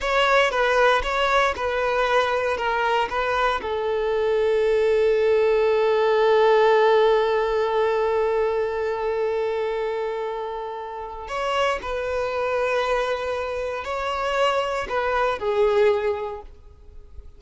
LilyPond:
\new Staff \with { instrumentName = "violin" } { \time 4/4 \tempo 4 = 117 cis''4 b'4 cis''4 b'4~ | b'4 ais'4 b'4 a'4~ | a'1~ | a'1~ |
a'1~ | a'2 cis''4 b'4~ | b'2. cis''4~ | cis''4 b'4 gis'2 | }